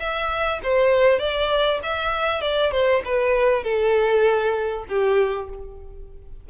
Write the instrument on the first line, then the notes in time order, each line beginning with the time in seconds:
violin
0.00 E5
0.64 C5
1.20 D5
1.83 E5
2.42 D5
2.72 C5
3.05 B4
3.64 A4
4.89 G4